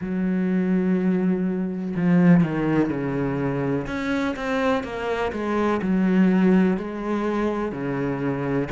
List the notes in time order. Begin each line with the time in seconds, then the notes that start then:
0.01 F#3
1.96 F3
2.43 D#3
2.89 C#3
3.87 C#4
4.35 C4
4.83 A#3
5.32 G#3
5.82 F#3
6.77 G#3
7.72 C#3